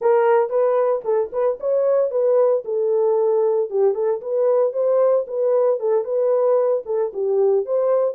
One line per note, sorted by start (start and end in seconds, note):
0.01 0.49 A#4
0.49 1.02 B4
1.04 1.30 A4
1.32 1.58 B4
1.60 2.11 C#5
2.11 2.63 B4
2.65 3.69 A4
3.69 3.94 G4
3.94 4.20 A4
4.21 4.72 B4
4.72 5.25 C5
5.27 5.79 B4
5.79 6.04 A4
6.04 6.83 B4
6.85 7.11 A4
7.13 7.65 G4
7.65 8.15 C5